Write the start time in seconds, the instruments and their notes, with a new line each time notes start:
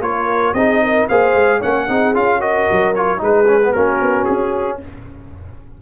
0.00 tuba A#3, trombone F4, horn A#4, trumpet C#5
0.53 tuba C4, trombone D#4, horn G#4, trumpet D#5
0.83 horn A#4
1.08 tuba A#3, trombone G#4, horn C5, trumpet F5
1.35 tuba G#3
1.59 tuba A#3, trombone C#4, horn C#5, trumpet F#5
1.87 tuba C4, trombone D#4, horn G#4
2.14 tuba C#4, trombone F4, trumpet F5
2.40 trombone F#4, horn A#4, trumpet D#5
2.72 tuba F#3
2.95 trombone F4, trumpet C#5
3.18 tuba G#3, trombone D#4, horn G#4, trumpet B4
3.47 trombone C#4
3.63 trombone B3
3.72 tuba A#3, trombone C#4, horn F#4, trumpet A#4
4.01 tuba B3
4.25 tuba C#4, trumpet G#4